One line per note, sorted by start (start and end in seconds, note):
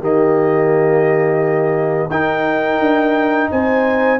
0.00 2.09 D#3
0.00 2.10 A#3
0.00 2.09 G4
0.00 2.10 D#5
2.09 2.79 D#4
2.09 4.19 D#4
2.09 3.48 A#4
2.09 3.50 G5
2.79 3.48 D4
3.51 4.19 C4
3.51 4.19 C5
3.51 4.19 G#5